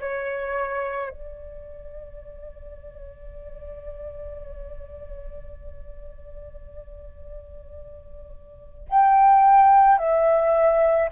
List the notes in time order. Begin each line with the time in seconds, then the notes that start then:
0.00 C#5
1.10 D5
8.89 G5
9.98 E5